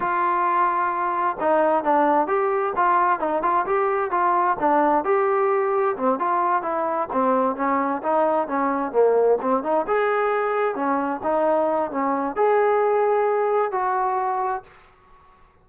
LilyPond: \new Staff \with { instrumentName = "trombone" } { \time 4/4 \tempo 4 = 131 f'2. dis'4 | d'4 g'4 f'4 dis'8 f'8 | g'4 f'4 d'4 g'4~ | g'4 c'8 f'4 e'4 c'8~ |
c'8 cis'4 dis'4 cis'4 ais8~ | ais8 c'8 dis'8 gis'2 cis'8~ | cis'8 dis'4. cis'4 gis'4~ | gis'2 fis'2 | }